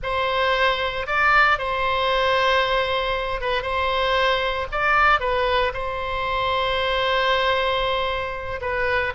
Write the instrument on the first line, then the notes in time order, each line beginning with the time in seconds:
oboe
0.03 C5
1.06 D5
1.58 C5
3.40 B4
3.62 C5
4.71 D5
5.20 B4
5.73 C5
8.61 B4